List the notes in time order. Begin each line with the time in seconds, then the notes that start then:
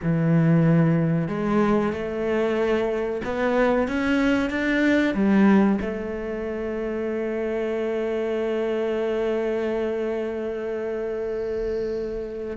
0.02 E3
1.28 G#3
1.92 A3
3.24 B3
3.88 C#4
4.50 D4
5.14 G3
5.81 A3